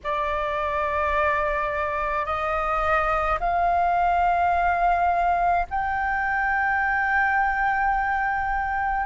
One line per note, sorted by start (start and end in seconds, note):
0.03 2.25 D5
2.25 3.39 D#5
3.40 5.66 F5
5.70 9.06 G5